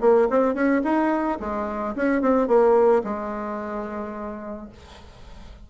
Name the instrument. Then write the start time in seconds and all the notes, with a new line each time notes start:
bassoon
0.00 A#3
0.30 C4
0.54 C#4
0.84 D#4
1.40 G#3
1.95 C#4
2.21 C4
2.47 A#3
3.04 G#3